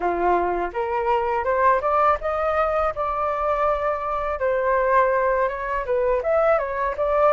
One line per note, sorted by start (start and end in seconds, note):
0.00 0.71 F4
0.73 1.44 A#4
1.44 1.81 C5
1.81 2.17 D5
2.20 2.93 D#5
2.95 4.39 D5
4.39 5.48 C5
5.48 5.85 C#5
5.85 6.22 B4
6.22 6.58 E5
6.58 6.95 C#5
6.97 7.32 D5